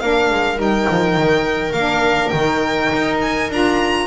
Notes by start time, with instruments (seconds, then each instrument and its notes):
0.00 double bass A#3, saxophone D4, viola A#4, violin F5
0.31 double bass G#3
0.56 double bass G3, saxophone D#4, violin G5
0.90 double bass F3
1.16 double bass D#3
1.72 double bass A#3, saxophone D4, violin F5
2.29 double bass D#3, violin G5
2.35 saxophone D#4
2.93 double bass D#4
3.21 violin G#5
3.50 double bass D4, saxophone F4, violin A#5